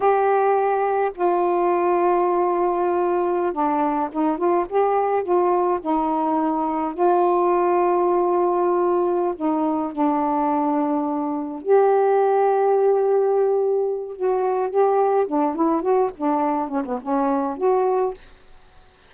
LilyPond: \new Staff \with { instrumentName = "saxophone" } { \time 4/4 \tempo 4 = 106 g'2 f'2~ | f'2~ f'16 d'4 dis'8 f'16~ | f'16 g'4 f'4 dis'4.~ dis'16~ | dis'16 f'2.~ f'8.~ |
f'8 dis'4 d'2~ d'8~ | d'8 g'2.~ g'8~ | g'4 fis'4 g'4 d'8 e'8 | fis'8 d'4 cis'16 b16 cis'4 fis'4 | }